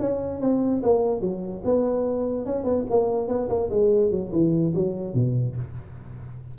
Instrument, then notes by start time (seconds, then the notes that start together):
tuba
0.00 C#4
0.41 C4
0.83 A#3
1.21 F#3
1.65 B3
2.46 C#4
2.64 B3
2.91 A#3
3.28 B3
3.49 A#3
3.70 G#3
4.11 F#3
4.33 E3
4.75 F#3
5.14 B2